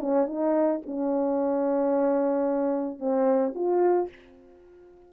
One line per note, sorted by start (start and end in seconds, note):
0.00 0.26 C#4
0.26 0.80 D#4
0.86 2.99 C#4
2.99 3.53 C4
3.55 4.09 F4